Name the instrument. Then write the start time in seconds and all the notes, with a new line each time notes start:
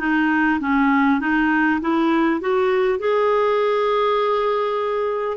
clarinet
0.00 D#4
0.60 C#4
1.20 D#4
1.81 E4
2.41 F#4
2.99 G#4